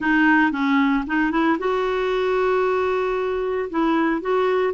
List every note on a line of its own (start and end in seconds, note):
0.00 0.51 D#4
0.51 1.04 C#4
1.06 1.31 D#4
1.31 1.57 E4
1.58 3.69 F#4
3.70 4.21 E4
4.21 4.73 F#4